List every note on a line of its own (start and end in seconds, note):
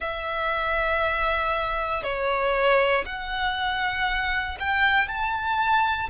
0.00 2.03 E5
2.03 3.05 C#5
3.05 4.58 F#5
4.59 5.08 G5
5.08 6.09 A5